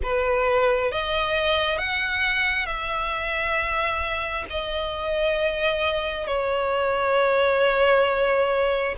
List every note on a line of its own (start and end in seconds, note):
0.02 0.91 B4
0.91 1.77 D#5
1.77 2.66 F#5
2.66 4.45 E5
4.50 6.26 D#5
6.26 8.95 C#5